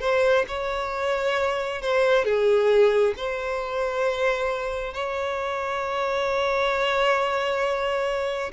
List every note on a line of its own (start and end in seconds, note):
0.00 0.45 C5
0.48 1.82 C#5
1.82 2.24 C5
2.24 3.14 G#4
3.17 4.94 C5
4.94 8.52 C#5